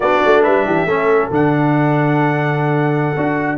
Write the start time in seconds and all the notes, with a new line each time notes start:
0.00 B3 D4 F#4 D5
0.25 A3
0.42 G3 B4 E5
0.66 E3 G4
0.85 A3 C#4 A4
1.30 D3 D4 F#5
3.16 D4 F#4